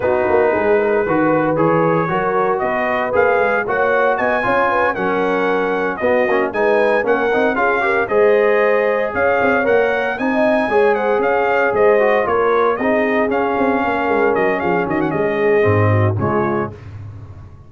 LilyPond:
<<
  \new Staff \with { instrumentName = "trumpet" } { \time 4/4 \tempo 4 = 115 b'2. cis''4~ | cis''4 dis''4 f''4 fis''4 | gis''4. fis''2 dis''8~ | dis''8 gis''4 fis''4 f''4 dis''8~ |
dis''4. f''4 fis''4 gis''8~ | gis''4 fis''8 f''4 dis''4 cis''8~ | cis''8 dis''4 f''2 dis''8 | f''8 dis''16 fis''16 dis''2 cis''4 | }
  \new Staff \with { instrumentName = "horn" } { \time 4/4 fis'4 gis'8 ais'8 b'2 | ais'4 b'2 cis''4 | dis''8 cis''8 b'8 ais'2 fis'8~ | fis'8 b'4 ais'4 gis'8 ais'8 c''8~ |
c''4. cis''2 dis''8~ | dis''8 cis''8 c''8 cis''4 c''4 ais'8~ | ais'8 gis'2 ais'4. | gis'8 fis'8 gis'4. fis'8 f'4 | }
  \new Staff \with { instrumentName = "trombone" } { \time 4/4 dis'2 fis'4 gis'4 | fis'2 gis'4 fis'4~ | fis'8 f'4 cis'2 b8 | cis'8 dis'4 cis'8 dis'8 f'8 g'8 gis'8~ |
gis'2~ gis'8 ais'4 dis'8~ | dis'8 gis'2~ gis'8 fis'8 f'8~ | f'8 dis'4 cis'2~ cis'8~ | cis'2 c'4 gis4 | }
  \new Staff \with { instrumentName = "tuba" } { \time 4/4 b8 ais8 gis4 dis4 e4 | fis4 b4 ais8 gis8 ais4 | b8 cis'4 fis2 b8 | ais8 gis4 ais8 c'8 cis'4 gis8~ |
gis4. cis'8 c'8 ais4 c'8~ | c'8 gis4 cis'4 gis4 ais8~ | ais8 c'4 cis'8 c'8 ais8 gis8 fis8 | f8 dis8 gis4 gis,4 cis4 | }
>>